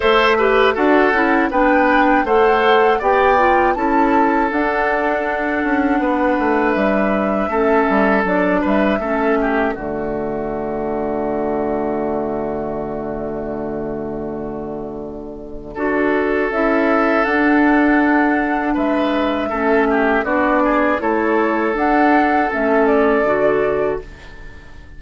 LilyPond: <<
  \new Staff \with { instrumentName = "flute" } { \time 4/4 \tempo 4 = 80 e''4 fis''4 g''4 fis''4 | g''4 a''4 fis''2~ | fis''4 e''2 d''8 e''8~ | e''4 d''2.~ |
d''1~ | d''2 e''4 fis''4~ | fis''4 e''2 d''4 | cis''4 fis''4 e''8 d''4. | }
  \new Staff \with { instrumentName = "oboe" } { \time 4/4 c''8 b'8 a'4 b'4 c''4 | d''4 a'2. | b'2 a'4. b'8 | a'8 g'8 fis'2.~ |
fis'1~ | fis'4 a'2.~ | a'4 b'4 a'8 g'8 fis'8 gis'8 | a'1 | }
  \new Staff \with { instrumentName = "clarinet" } { \time 4/4 a'8 g'8 fis'8 e'8 d'4 a'4 | g'8 f'8 e'4 d'2~ | d'2 cis'4 d'4 | cis'4 a2.~ |
a1~ | a4 fis'4 e'4 d'4~ | d'2 cis'4 d'4 | e'4 d'4 cis'4 fis'4 | }
  \new Staff \with { instrumentName = "bassoon" } { \time 4/4 a4 d'8 cis'8 b4 a4 | b4 cis'4 d'4. cis'8 | b8 a8 g4 a8 g8 fis8 g8 | a4 d2.~ |
d1~ | d4 d'4 cis'4 d'4~ | d'4 gis4 a4 b4 | a4 d'4 a4 d4 | }
>>